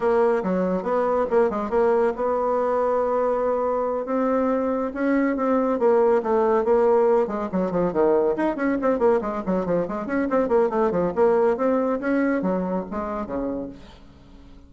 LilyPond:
\new Staff \with { instrumentName = "bassoon" } { \time 4/4 \tempo 4 = 140 ais4 fis4 b4 ais8 gis8 | ais4 b2.~ | b4. c'2 cis'8~ | cis'8 c'4 ais4 a4 ais8~ |
ais4 gis8 fis8 f8 dis4 dis'8 | cis'8 c'8 ais8 gis8 fis8 f8 gis8 cis'8 | c'8 ais8 a8 f8 ais4 c'4 | cis'4 fis4 gis4 cis4 | }